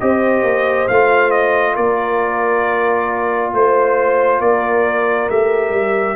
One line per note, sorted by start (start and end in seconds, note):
0.00 0.43 C4
0.00 0.89 G4
0.00 1.75 C5
0.00 0.88 D#5
0.43 0.87 A#3
0.88 1.77 A3
0.88 5.31 F4
0.88 1.31 F5
1.31 1.75 D#5
1.75 3.53 A#3
1.75 3.51 A#4
1.75 3.53 D5
3.53 4.40 A3
3.53 4.41 C5
4.40 5.28 A#3
4.40 6.16 A#4
4.40 5.29 D5
5.30 5.70 A3
5.30 6.16 G4
5.30 6.16 E5
5.70 6.14 G3